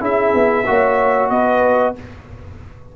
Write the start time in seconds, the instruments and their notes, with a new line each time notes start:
0.00 tuba C#4, trombone E4, horn G#4, trumpet E5
0.34 tuba B3
0.67 tuba A#3, trombone F#4, horn C#5
1.30 tuba B3, horn B4, trumpet D#5